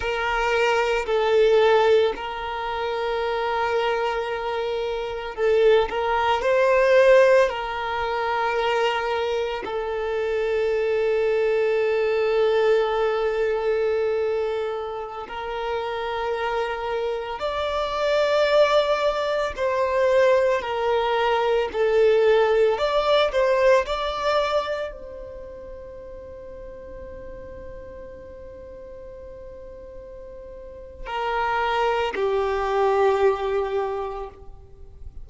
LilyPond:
\new Staff \with { instrumentName = "violin" } { \time 4/4 \tempo 4 = 56 ais'4 a'4 ais'2~ | ais'4 a'8 ais'8 c''4 ais'4~ | ais'4 a'2.~ | a'2~ a'16 ais'4.~ ais'16~ |
ais'16 d''2 c''4 ais'8.~ | ais'16 a'4 d''8 c''8 d''4 c''8.~ | c''1~ | c''4 ais'4 g'2 | }